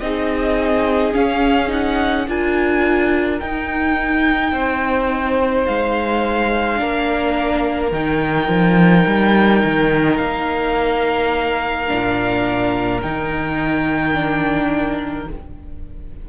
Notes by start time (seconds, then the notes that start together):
0.00 C4 D#4 G#4 D#5
1.12 C#4 F5
1.68 D#4 F#5
2.28 D4 F4 A#4 G#5
3.40 D#4 G5
4.52 C4 C5
5.66 G#3 F5
6.76 A#3 D4 A#4
7.92 D#3 D#4 G5
8.48 F3
9.07 G3
9.64 D#3
10.17 A#3 F5
11.87 A#2 D4
13.02 D#3 D#4 G5
14.14 D4